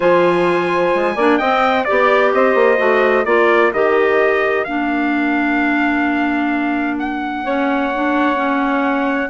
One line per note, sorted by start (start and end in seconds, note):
0.00 0.94 F3
0.00 1.16 F4
0.00 1.15 C5
0.00 1.38 G#5
0.94 1.16 G#3
1.15 1.39 A#3
1.15 1.40 D4
1.15 1.37 D5
1.37 1.86 C4
1.37 1.84 D#5
1.37 1.84 G5
1.84 2.77 G4
1.84 2.31 D5
1.90 2.33 B3
2.33 2.54 C4
2.33 3.27 C5
2.33 3.25 D#5
2.54 2.78 A#3
2.77 3.25 A3
2.77 3.23 F#4
3.25 3.71 A#3
3.25 3.72 F4
3.25 7.44 A#4
3.25 3.71 D5
3.73 4.66 D#3
3.73 4.66 G4
3.73 4.64 D#5
4.64 9.29 A#3
4.64 7.45 D4
4.64 6.97 F5
6.98 9.29 F#5
7.44 7.92 C#4
7.44 9.29 C#5
7.94 8.35 D4
8.35 9.28 C#4